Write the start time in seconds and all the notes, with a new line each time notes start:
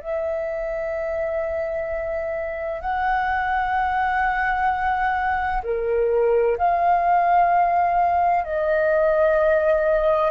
0.00 E5
2.81 F#5
5.63 A#4
6.57 F5
8.44 D#5